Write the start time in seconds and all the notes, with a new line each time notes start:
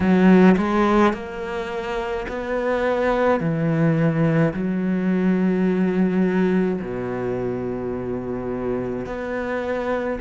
0.00 F#3
0.57 G#3
1.13 A#3
2.28 B3
3.40 E3
4.53 F#3
6.80 B2
9.06 B3